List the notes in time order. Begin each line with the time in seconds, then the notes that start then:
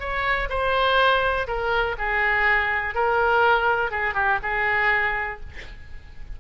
0.00 C#5
0.49 C5
1.47 A#4
1.98 G#4
2.94 A#4
3.91 G#4
4.14 G4
4.43 G#4